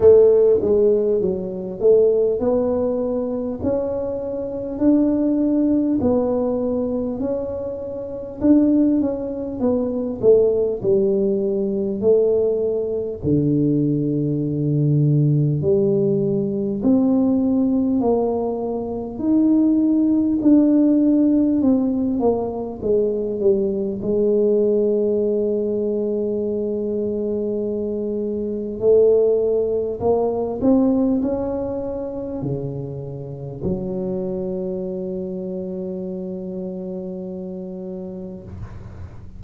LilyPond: \new Staff \with { instrumentName = "tuba" } { \time 4/4 \tempo 4 = 50 a8 gis8 fis8 a8 b4 cis'4 | d'4 b4 cis'4 d'8 cis'8 | b8 a8 g4 a4 d4~ | d4 g4 c'4 ais4 |
dis'4 d'4 c'8 ais8 gis8 g8 | gis1 | a4 ais8 c'8 cis'4 cis4 | fis1 | }